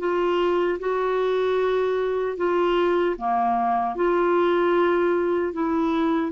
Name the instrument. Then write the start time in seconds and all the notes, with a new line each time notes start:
clarinet
0.00 F4
0.80 F#4
2.38 F4
3.18 A#3
3.96 F4
5.53 E4